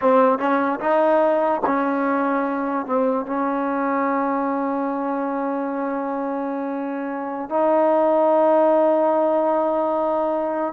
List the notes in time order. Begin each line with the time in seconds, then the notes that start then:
0.01 C4
0.38 C#4
0.80 D#4
1.65 C#4
2.86 C4
3.26 C#4
7.49 D#4